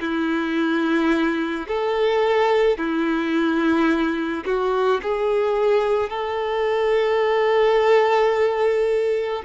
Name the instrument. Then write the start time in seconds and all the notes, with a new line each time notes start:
violin
0.00 E4
1.67 A4
2.77 E4
4.45 F#4
5.02 G#4
6.09 A4